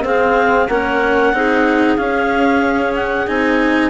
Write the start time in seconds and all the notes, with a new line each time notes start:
0.00 C4 G#4 F5
0.68 A#3 C#4 A#4 F#5
1.32 C4 D#4 G#4
1.96 C#4 F5
2.95 F#5
3.26 C4 D#4 G#5